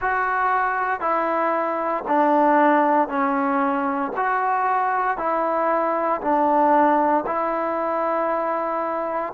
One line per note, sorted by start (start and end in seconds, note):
0.00 1.00 F#4
1.00 2.04 E4
2.07 3.08 D4
3.08 4.11 C#4
4.16 5.17 F#4
5.17 6.21 E4
6.21 7.24 D4
7.26 9.33 E4